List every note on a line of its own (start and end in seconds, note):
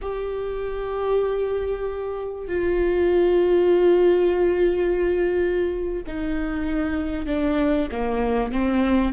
0.01 2.47 G4
2.47 6.03 F4
6.06 7.26 D#4
7.26 7.88 D4
7.91 8.52 A#3
8.52 9.13 C4